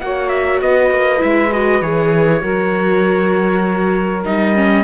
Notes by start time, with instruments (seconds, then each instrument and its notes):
0.00 cello A#3, viola F#4, saxophone C#5, trumpet F#5
0.28 trumpet E5
0.61 cello B3, saxophone B4, trumpet D#5
0.90 cello A#3
1.17 cello G#3, viola E4, trumpet E5
1.51 viola F#4, trumpet D#5
1.81 cello E3, viola G#4, trumpet C#5
2.40 cello F#3, viola F#4, saxophone A#4
4.24 cello G3, viola D#4, trumpet D#5
4.55 viola C#4